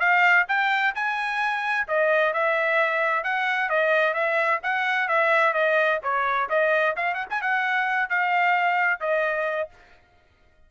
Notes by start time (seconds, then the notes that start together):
0.00 F5
0.49 G5
0.95 G#5
1.88 D#5
2.33 E5
3.24 F#5
3.70 D#5
4.14 E5
4.63 F#5
5.09 E5
5.54 D#5
6.03 C#5
6.50 D#5
6.97 F5
7.15 F#5
7.30 G#5
7.42 F#5
8.10 F5
9.00 D#5